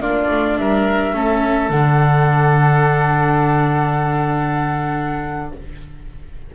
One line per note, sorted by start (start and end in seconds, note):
0.00 0.28 A#3
0.00 1.14 D4
0.00 0.58 F4
0.00 0.58 D5
0.29 0.58 A3
0.58 1.13 G3
0.58 1.16 A#4
0.58 1.71 E5
1.13 1.70 A3
1.13 1.70 C#4
1.13 5.54 A4
1.70 5.52 D3
1.70 5.55 D4
1.70 5.53 F#5